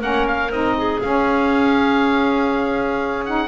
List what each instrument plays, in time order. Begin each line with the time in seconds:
0.00 double bass A#3, saxophone C#4, clarinet A#4, oboe F#5
0.26 oboe F5
0.50 double bass C4, saxophone D#4, oboe D#5
0.77 clarinet G#4
1.01 saxophone C#4, double bass C#4, oboe F5
3.25 saxophone D#4, oboe F#5